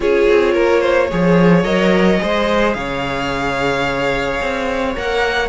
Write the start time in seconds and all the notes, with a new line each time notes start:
0.00 C#4 F4 G#4 C#5
0.29 C4
0.53 A#3 A#4
0.80 C5
1.10 F3 G#4 C#5
1.64 F#3 A#4 D#5
2.18 G#3 G#4 C5
2.73 C#3 C#5 F5
4.41 C4
4.95 A#3 A#4 F#5